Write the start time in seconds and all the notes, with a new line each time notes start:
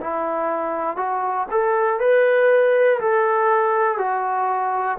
0.00 E4
0.96 F#4
1.51 A4
1.99 B4
3.00 A4
3.98 F#4